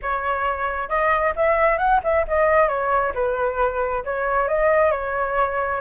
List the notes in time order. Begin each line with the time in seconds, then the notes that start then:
0.02 C#5
0.88 D#5
1.36 E5
1.78 F#5
2.03 E5
2.27 D#5
2.68 C#5
3.14 B4
4.04 C#5
4.48 D#5
4.91 C#5